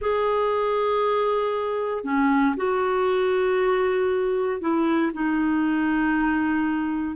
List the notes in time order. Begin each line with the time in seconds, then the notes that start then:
0.01 G#4
2.03 C#4
2.56 F#4
4.60 E4
5.13 D#4